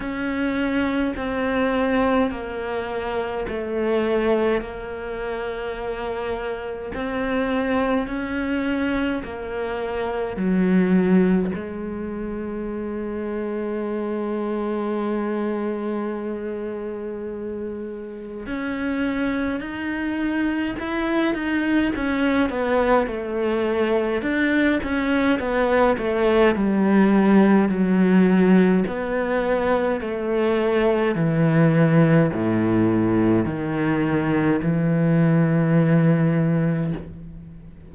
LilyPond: \new Staff \with { instrumentName = "cello" } { \time 4/4 \tempo 4 = 52 cis'4 c'4 ais4 a4 | ais2 c'4 cis'4 | ais4 fis4 gis2~ | gis1 |
cis'4 dis'4 e'8 dis'8 cis'8 b8 | a4 d'8 cis'8 b8 a8 g4 | fis4 b4 a4 e4 | a,4 dis4 e2 | }